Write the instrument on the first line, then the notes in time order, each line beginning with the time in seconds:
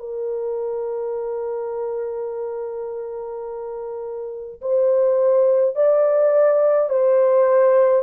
horn
0.00 A#4
4.62 C5
5.76 D5
6.90 C5